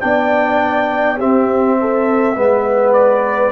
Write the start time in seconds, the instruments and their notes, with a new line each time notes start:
0.00 tuba B3, trombone D4, horn D5, trumpet G5
1.17 trombone C4, tuba C4, horn G4, trumpet E5
1.80 horn A4
2.36 tuba G#3, trombone B3, horn B4
2.93 trumpet D5